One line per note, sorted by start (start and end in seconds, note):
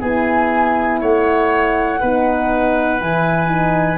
0.00 1.01 B3
0.00 2.00 E4
0.00 1.00 G#4
0.00 1.00 G#5
1.00 2.01 A3
1.00 2.00 C#5
1.00 3.01 F#5
2.00 3.00 B3
2.00 3.00 D#4
2.00 3.97 B4
3.00 3.97 E3
3.00 3.47 E4
3.00 3.97 G#5
3.47 3.97 D#4